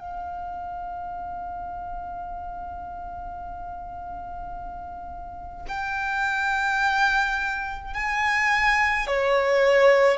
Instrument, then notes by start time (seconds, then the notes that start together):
violin
0.00 F5
5.69 G5
7.94 G#5
9.07 C#5